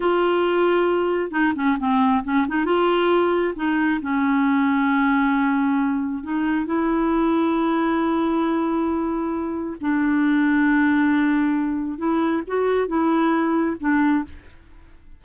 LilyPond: \new Staff \with { instrumentName = "clarinet" } { \time 4/4 \tempo 4 = 135 f'2. dis'8 cis'8 | c'4 cis'8 dis'8 f'2 | dis'4 cis'2.~ | cis'2 dis'4 e'4~ |
e'1~ | e'2 d'2~ | d'2. e'4 | fis'4 e'2 d'4 | }